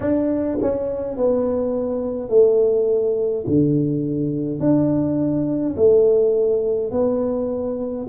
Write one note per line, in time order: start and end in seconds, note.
0.00 0.58 D4
0.61 1.16 C#4
1.16 2.29 B3
2.29 3.44 A3
3.46 4.59 D3
4.59 5.75 D4
5.76 6.91 A3
6.91 8.06 B3